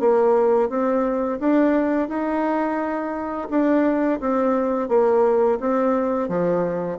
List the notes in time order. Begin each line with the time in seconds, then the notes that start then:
0.00 A#3
0.69 C4
1.40 D4
2.09 D#4
3.50 D4
4.20 C4
4.89 A#3
5.60 C4
6.29 F3